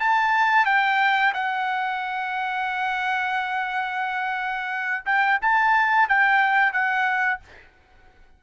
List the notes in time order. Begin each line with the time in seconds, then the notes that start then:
0.00 A5
0.66 G5
1.34 F#5
5.06 G5
5.41 A5
6.09 G5
6.72 F#5